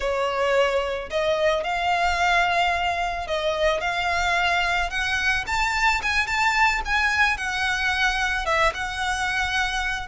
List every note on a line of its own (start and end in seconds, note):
0.00 1.09 C#5
1.10 1.63 D#5
1.63 3.27 F5
3.27 3.81 D#5
3.81 4.90 F5
4.90 5.44 F#5
5.46 6.01 A5
6.02 6.26 G#5
6.26 6.81 A5
6.85 7.37 G#5
7.37 8.45 F#5
8.45 8.72 E5
8.74 10.07 F#5